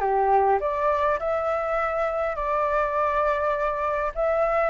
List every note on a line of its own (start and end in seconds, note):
0.00 0.59 G4
0.60 1.18 D5
1.19 2.36 E5
2.36 4.12 D5
4.15 4.70 E5